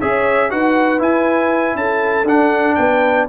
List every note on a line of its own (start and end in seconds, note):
0.00 0.53 C#4
0.00 0.50 G#4
0.00 0.50 C#5
0.00 0.51 E5
0.50 1.01 D#4
0.50 0.99 F#4
0.50 1.78 B4
0.50 1.01 F#5
0.99 2.25 E4
0.99 1.75 E4
0.99 1.77 G#5
1.75 2.24 C#4
1.75 2.77 A4
1.75 2.28 A5
2.24 2.75 D4
2.24 3.30 D4
2.24 2.75 F#5
2.75 3.29 B3
2.75 3.28 B4
2.75 3.26 G5